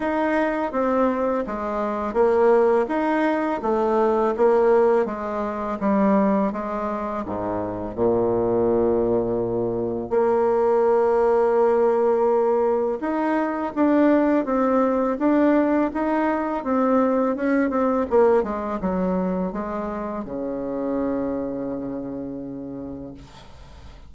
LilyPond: \new Staff \with { instrumentName = "bassoon" } { \time 4/4 \tempo 4 = 83 dis'4 c'4 gis4 ais4 | dis'4 a4 ais4 gis4 | g4 gis4 gis,4 ais,4~ | ais,2 ais2~ |
ais2 dis'4 d'4 | c'4 d'4 dis'4 c'4 | cis'8 c'8 ais8 gis8 fis4 gis4 | cis1 | }